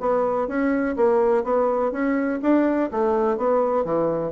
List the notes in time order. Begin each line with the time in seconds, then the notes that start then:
0.00 B3
0.47 C#4
0.96 A#3
1.43 B3
1.92 C#4
2.42 D4
2.91 A3
3.37 B3
3.84 E3